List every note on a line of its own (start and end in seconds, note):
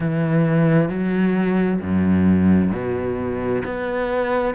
0.00 0.89 E3
0.89 1.80 F#3
1.81 2.71 F#2
2.71 3.62 B2
3.64 4.54 B3